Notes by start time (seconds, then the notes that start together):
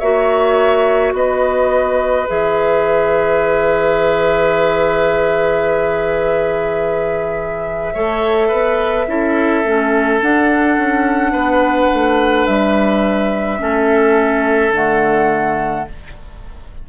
0.00 A#3 F#4 C#5 E5
1.13 B3 B4 D#5
2.28 E3 G#4 E5
7.95 A3 A4 C#5
8.48 B3 B4
9.08 C#4 E4 A4
9.64 A3 C#4
10.21 D4 F#5
10.78 C#4
11.33 B3 B4
11.94 A3
12.47 G3 E5
13.59 A3 C#4 A4
14.71 D3 A3 F#5